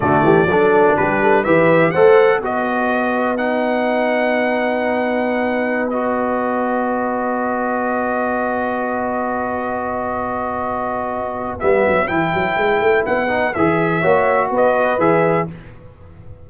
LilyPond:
<<
  \new Staff \with { instrumentName = "trumpet" } { \time 4/4 \tempo 4 = 124 d''2 b'4 e''4 | fis''4 dis''2 fis''4~ | fis''1~ | fis''16 dis''2.~ dis''8.~ |
dis''1~ | dis''1 | e''4 g''2 fis''4 | e''2 dis''4 e''4 | }
  \new Staff \with { instrumentName = "horn" } { \time 4/4 fis'8 g'8 a'4 g'8 a'8 b'4 | c''4 b'2.~ | b'1~ | b'1~ |
b'1~ | b'1~ | b'1~ | b'4 cis''4 b'2 | }
  \new Staff \with { instrumentName = "trombone" } { \time 4/4 a4 d'2 g'4 | a'4 fis'2 dis'4~ | dis'1~ | dis'16 fis'2.~ fis'8.~ |
fis'1~ | fis'1 | b4 e'2~ e'8 dis'8 | gis'4 fis'2 gis'4 | }
  \new Staff \with { instrumentName = "tuba" } { \time 4/4 d8 e8 fis4 g4 e4 | a4 b2.~ | b1~ | b1~ |
b1~ | b1 | g8 fis8 e8 fis8 gis8 a8 b4 | e4 ais4 b4 e4 | }
>>